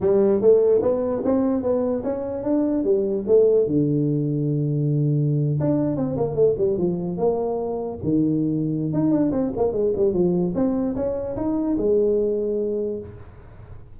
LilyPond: \new Staff \with { instrumentName = "tuba" } { \time 4/4 \tempo 4 = 148 g4 a4 b4 c'4 | b4 cis'4 d'4 g4 | a4 d2.~ | d4.~ d16 d'4 c'8 ais8 a16~ |
a16 g8 f4 ais2 dis16~ | dis2 dis'8 d'8 c'8 ais8 | gis8 g8 f4 c'4 cis'4 | dis'4 gis2. | }